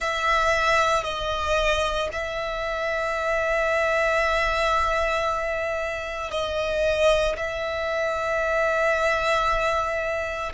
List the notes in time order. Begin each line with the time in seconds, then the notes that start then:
0.00 E5
1.03 D#5
2.12 E5
6.30 D#5
7.36 E5